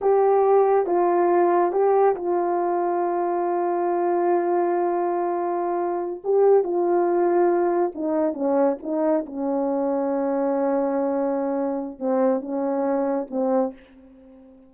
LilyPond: \new Staff \with { instrumentName = "horn" } { \time 4/4 \tempo 4 = 140 g'2 f'2 | g'4 f'2.~ | f'1~ | f'2~ f'8 g'4 f'8~ |
f'2~ f'8 dis'4 cis'8~ | cis'8 dis'4 cis'2~ cis'8~ | cis'1 | c'4 cis'2 c'4 | }